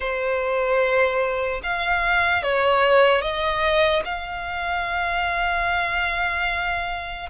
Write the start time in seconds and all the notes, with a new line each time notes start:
0.00 C5
1.63 F5
2.43 C#5
3.21 D#5
4.04 F5